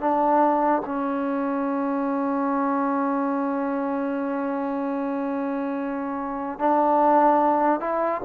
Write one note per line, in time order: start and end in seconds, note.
0.00 0.82 D4
0.86 6.59 C#4
6.59 7.80 D4
7.80 8.22 E4